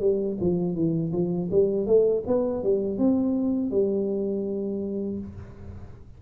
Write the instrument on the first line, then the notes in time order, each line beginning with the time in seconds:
tuba
0.00 G3
0.40 F3
0.74 E3
1.12 F3
1.51 G3
1.86 A3
2.26 B3
2.63 G3
2.98 C4
3.70 G3